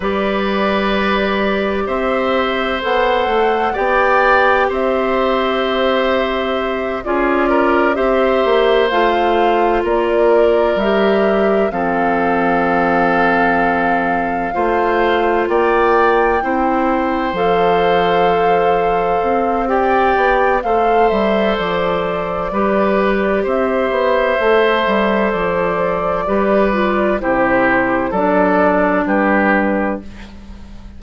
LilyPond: <<
  \new Staff \with { instrumentName = "flute" } { \time 4/4 \tempo 4 = 64 d''2 e''4 fis''4 | g''4 e''2~ e''8 d''8~ | d''8 e''4 f''4 d''4 e''8~ | e''8 f''2.~ f''8~ |
f''8 g''2 f''4.~ | f''4 g''4 f''8 e''8 d''4~ | d''4 e''2 d''4~ | d''4 c''4 d''4 b'4 | }
  \new Staff \with { instrumentName = "oboe" } { \time 4/4 b'2 c''2 | d''4 c''2~ c''8 gis'8 | ais'8 c''2 ais'4.~ | ais'8 a'2. c''8~ |
c''8 d''4 c''2~ c''8~ | c''4 d''4 c''2 | b'4 c''2. | b'4 g'4 a'4 g'4 | }
  \new Staff \with { instrumentName = "clarinet" } { \time 4/4 g'2. a'4 | g'2.~ g'8 f'8~ | f'8 g'4 f'2 g'8~ | g'8 c'2. f'8~ |
f'4. e'4 a'4.~ | a'4 g'4 a'2 | g'2 a'2 | g'8 f'8 e'4 d'2 | }
  \new Staff \with { instrumentName = "bassoon" } { \time 4/4 g2 c'4 b8 a8 | b4 c'2~ c'8 cis'8~ | cis'8 c'8 ais8 a4 ais4 g8~ | g8 f2. a8~ |
a8 ais4 c'4 f4.~ | f8 c'4 b8 a8 g8 f4 | g4 c'8 b8 a8 g8 f4 | g4 c4 fis4 g4 | }
>>